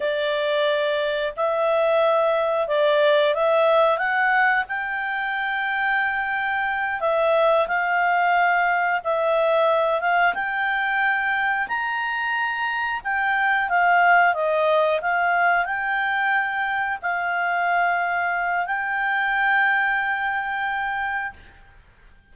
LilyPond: \new Staff \with { instrumentName = "clarinet" } { \time 4/4 \tempo 4 = 90 d''2 e''2 | d''4 e''4 fis''4 g''4~ | g''2~ g''8 e''4 f''8~ | f''4. e''4. f''8 g''8~ |
g''4. ais''2 g''8~ | g''8 f''4 dis''4 f''4 g''8~ | g''4. f''2~ f''8 | g''1 | }